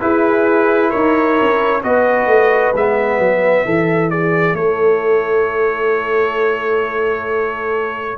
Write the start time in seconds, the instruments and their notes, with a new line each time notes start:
0.00 trombone E4, tuba E4, horn G#4, trumpet B4
0.90 tuba D#4, horn A#4, trumpet C#5
1.41 tuba C#4
1.83 tuba B3, trombone F#4, horn B4, trumpet D#5
2.26 tuba A3
2.74 tuba G#3, trombone B3, trumpet E5
3.19 tuba F#3
3.65 tuba E3, trombone E4, horn A4
4.10 horn G#4, trumpet D5
4.53 tuba A3, horn A4, trumpet C#5